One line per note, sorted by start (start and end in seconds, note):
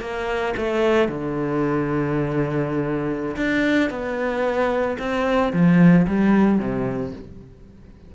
0.00 0.54 A#3
0.56 1.08 A3
1.08 3.36 D3
3.36 3.90 D4
3.90 4.97 B3
4.98 5.52 C4
5.52 6.06 F3
6.07 6.58 G3
6.58 7.12 C3